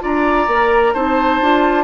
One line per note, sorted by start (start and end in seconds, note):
0.00 0.47 D4
0.00 0.46 F4
0.00 0.94 D5
0.00 0.94 A#5
0.47 0.94 A#3
0.47 0.96 A#4
0.94 1.41 C4
0.94 1.42 D#4
0.94 1.84 C5
0.94 1.84 A5
1.41 1.84 D4
1.41 1.84 F4